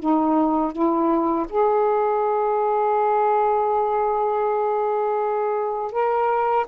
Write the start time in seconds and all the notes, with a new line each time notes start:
0.00 D#4
0.73 E4
1.49 G#4
5.92 A#4